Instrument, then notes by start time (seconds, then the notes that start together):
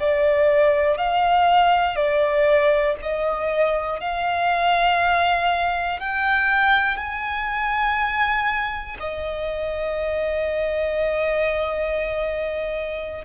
violin
0.00 D5
0.98 F5
1.96 D5
3.02 D#5
4.00 F5
6.00 G5
6.97 G#5
9.00 D#5